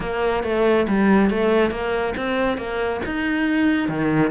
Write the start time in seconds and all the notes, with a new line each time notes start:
0.00 A#3
0.43 A3
0.88 G3
1.30 A3
1.71 A#3
2.16 C4
2.57 A#3
3.05 D#4
3.88 D#3